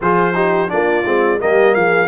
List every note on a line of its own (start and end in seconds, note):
0.01 0.71 F3
0.01 0.34 F4
0.01 0.35 G#4
0.01 0.70 C5
0.34 0.68 D#4
0.34 0.69 G4
0.68 1.04 A#3
0.68 1.03 D4
0.68 1.40 F4
0.68 1.40 D5
1.04 1.39 G#3
1.04 1.39 C4
1.39 1.75 G3
1.39 2.08 A#3
1.39 1.75 G4
1.39 1.74 D#5
1.74 2.08 F3
1.74 2.08 G#4
1.74 2.08 F5